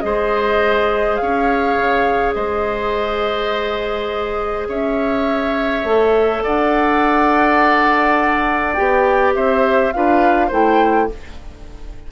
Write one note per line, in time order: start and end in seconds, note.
0.00 1.20 G#3
0.00 5.83 G#4
0.00 1.21 C5
0.00 1.16 D#5
1.16 1.76 C#4
1.16 2.34 C#5
1.16 2.32 F5
1.76 2.35 C#3
2.34 4.67 G#3
2.34 4.67 C5
2.34 4.67 D#5
4.67 5.83 C#4
4.67 6.43 C#5
4.67 6.42 E5
5.83 6.42 A3
5.83 8.76 A4
6.42 8.78 D4
6.42 9.34 D5
6.42 8.73 F#5
8.73 9.35 B3
8.73 9.92 G4
8.73 9.31 G5
9.35 9.93 C4
9.35 9.93 C5
9.35 9.91 E5
9.91 10.50 D4
9.91 10.50 F4
9.91 10.47 B4
9.91 10.50 F5
10.47 11.09 A3
10.47 11.08 E4
10.47 11.05 C5
10.47 11.11 G5